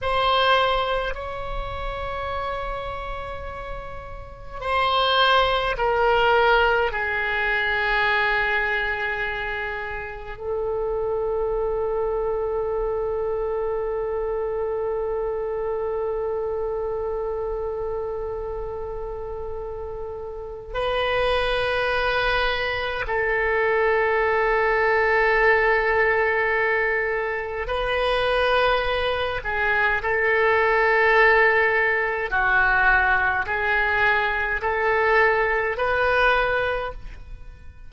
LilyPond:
\new Staff \with { instrumentName = "oboe" } { \time 4/4 \tempo 4 = 52 c''4 cis''2. | c''4 ais'4 gis'2~ | gis'4 a'2.~ | a'1~ |
a'2 b'2 | a'1 | b'4. gis'8 a'2 | fis'4 gis'4 a'4 b'4 | }